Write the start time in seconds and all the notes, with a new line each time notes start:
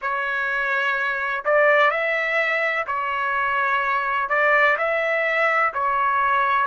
0.01 C#5
1.44 D5
1.90 E5
2.86 C#5
4.29 D5
4.77 E5
5.73 C#5